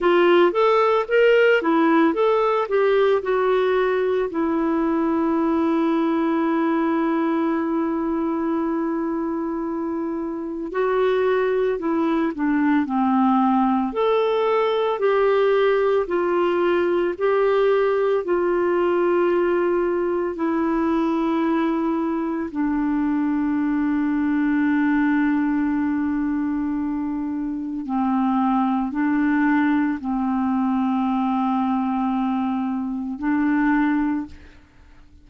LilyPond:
\new Staff \with { instrumentName = "clarinet" } { \time 4/4 \tempo 4 = 56 f'8 a'8 ais'8 e'8 a'8 g'8 fis'4 | e'1~ | e'2 fis'4 e'8 d'8 | c'4 a'4 g'4 f'4 |
g'4 f'2 e'4~ | e'4 d'2.~ | d'2 c'4 d'4 | c'2. d'4 | }